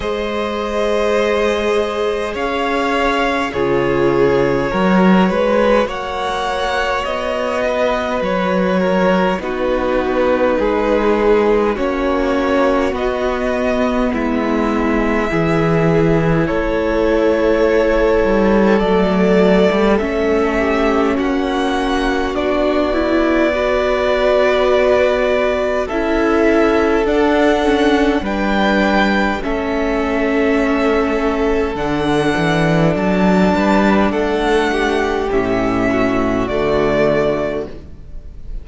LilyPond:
<<
  \new Staff \with { instrumentName = "violin" } { \time 4/4 \tempo 4 = 51 dis''2 f''4 cis''4~ | cis''4 fis''4 dis''4 cis''4 | b'2 cis''4 dis''4 | e''2 cis''2 |
d''4 e''4 fis''4 d''4~ | d''2 e''4 fis''4 | g''4 e''2 fis''4 | a''4 fis''4 e''4 d''4 | }
  \new Staff \with { instrumentName = "violin" } { \time 4/4 c''2 cis''4 gis'4 | ais'8 b'8 cis''4. b'4 ais'8 | fis'4 gis'4 fis'2 | e'4 gis'4 a'2~ |
a'4. g'8 fis'2 | b'2 a'2 | b'4 a'2.~ | a'8 b'8 a'8 g'4 fis'4. | }
  \new Staff \with { instrumentName = "viola" } { \time 4/4 gis'2. f'4 | fis'1 | dis'2 cis'4 b4~ | b4 e'2. |
a4 cis'2 d'8 e'8 | fis'2 e'4 d'8 cis'8 | d'4 cis'2 d'4~ | d'2 cis'4 a4 | }
  \new Staff \with { instrumentName = "cello" } { \time 4/4 gis2 cis'4 cis4 | fis8 gis8 ais4 b4 fis4 | b4 gis4 ais4 b4 | gis4 e4 a4. g8 |
fis8. g16 a4 ais4 b4~ | b2 cis'4 d'4 | g4 a2 d8 e8 | fis8 g8 a4 a,4 d4 | }
>>